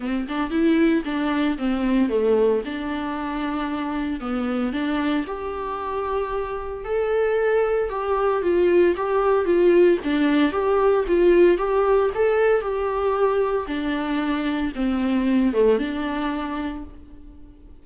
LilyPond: \new Staff \with { instrumentName = "viola" } { \time 4/4 \tempo 4 = 114 c'8 d'8 e'4 d'4 c'4 | a4 d'2. | b4 d'4 g'2~ | g'4 a'2 g'4 |
f'4 g'4 f'4 d'4 | g'4 f'4 g'4 a'4 | g'2 d'2 | c'4. a8 d'2 | }